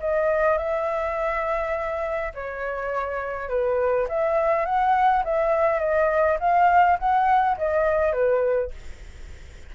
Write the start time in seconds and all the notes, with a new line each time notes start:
0.00 D#5
0.58 E5
2.34 C#5
3.49 B4
4.08 E5
4.65 F#5
5.24 E5
5.79 D#5
6.40 F5
6.98 F#5
7.57 D#5
8.12 B4